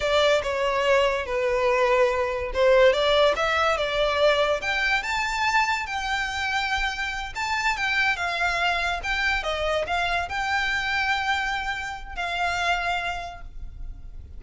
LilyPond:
\new Staff \with { instrumentName = "violin" } { \time 4/4 \tempo 4 = 143 d''4 cis''2 b'4~ | b'2 c''4 d''4 | e''4 d''2 g''4 | a''2 g''2~ |
g''4. a''4 g''4 f''8~ | f''4. g''4 dis''4 f''8~ | f''8 g''2.~ g''8~ | g''4 f''2. | }